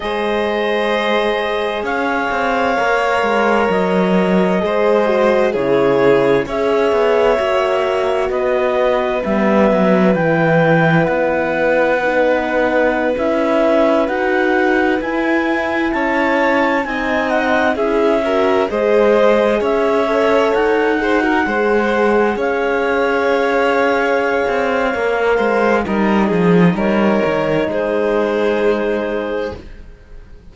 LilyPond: <<
  \new Staff \with { instrumentName = "clarinet" } { \time 4/4 \tempo 4 = 65 dis''2 f''2 | dis''2 cis''4 e''4~ | e''4 dis''4 e''4 g''4 | fis''2~ fis''16 e''4 fis''8.~ |
fis''16 gis''4 a''4 gis''8 fis''8 e''8.~ | e''16 dis''4 e''4 fis''4.~ fis''16~ | fis''16 f''2.~ f''8. | dis''4 cis''4 c''2 | }
  \new Staff \with { instrumentName = "violin" } { \time 4/4 c''2 cis''2~ | cis''4 c''4 gis'4 cis''4~ | cis''4 b'2.~ | b'1~ |
b'4~ b'16 cis''4 dis''4 gis'8 ais'16~ | ais'16 c''4 cis''4. c''16 ais'16 c''8.~ | c''16 cis''2.~ cis''16 c''8 | ais'8 gis'8 ais'4 gis'2 | }
  \new Staff \with { instrumentName = "horn" } { \time 4/4 gis'2. ais'4~ | ais'4 gis'8 fis'8 e'4 gis'4 | fis'2 b4 e'4~ | e'4 dis'4~ dis'16 e'4 fis'8.~ |
fis'16 e'2 dis'4 e'8 fis'16~ | fis'16 gis'4. a'4 gis'16 fis'16 gis'8.~ | gis'2. ais'4 | dis'1 | }
  \new Staff \with { instrumentName = "cello" } { \time 4/4 gis2 cis'8 c'8 ais8 gis8 | fis4 gis4 cis4 cis'8 b8 | ais4 b4 g8 fis8 e4 | b2~ b16 cis'4 dis'8.~ |
dis'16 e'4 cis'4 c'4 cis'8.~ | cis'16 gis4 cis'4 dis'4 gis8.~ | gis16 cis'2~ cis'16 c'8 ais8 gis8 | g8 f8 g8 dis8 gis2 | }
>>